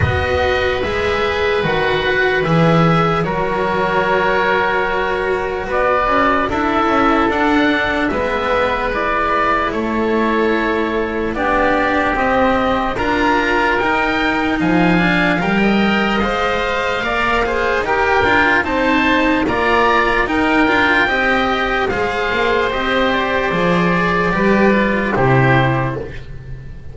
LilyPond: <<
  \new Staff \with { instrumentName = "oboe" } { \time 4/4 \tempo 4 = 74 dis''4 e''4 fis''4 e''4 | cis''2. d''4 | e''4 fis''4 e''4 d''4 | cis''2 d''4 dis''4 |
ais''4 g''4 gis''4 g''4 | f''2 g''4 a''4 | ais''4 g''2 f''4 | dis''8 d''2~ d''8 c''4 | }
  \new Staff \with { instrumentName = "oboe" } { \time 4/4 b'1 | ais'2. b'4 | a'2 b'2 | a'2 g'2 |
ais'2 f''4~ f''16 dis''8.~ | dis''4 d''8 c''8 ais'4 c''4 | d''4 ais'4 dis''4 c''4~ | c''2 b'4 g'4 | }
  \new Staff \with { instrumentName = "cello" } { \time 4/4 fis'4 gis'4 fis'4 gis'4 | fis'1 | e'4 d'4 b4 e'4~ | e'2 d'4 c'4 |
f'4 dis'4. d'8 ais'4 | c''4 ais'8 gis'8 g'8 f'8 dis'4 | f'4 dis'8 f'8 g'4 gis'4 | g'4 gis'4 g'8 f'8 e'4 | }
  \new Staff \with { instrumentName = "double bass" } { \time 4/4 b4 gis4 dis4 e4 | fis2. b8 cis'8 | d'8 cis'8 d'4 gis2 | a2 b4 c'4 |
d'4 dis'4 f4 g4 | gis4 ais4 dis'8 d'8 c'4 | ais4 dis'8 d'8 c'4 gis8 ais8 | c'4 f4 g4 c4 | }
>>